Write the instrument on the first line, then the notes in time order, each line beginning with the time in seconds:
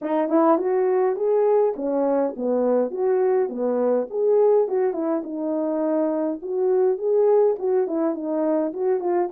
horn
0.01 D#4
0.28 E4
0.58 F#4
1.15 G#4
1.76 C#4
2.36 B3
2.90 F#4
3.49 B3
4.10 G#4
4.68 F#4
4.93 E4
5.23 D#4
6.42 F#4
6.97 G#4
7.58 F#4
7.87 E4
8.14 D#4
8.73 F#4
9.00 F4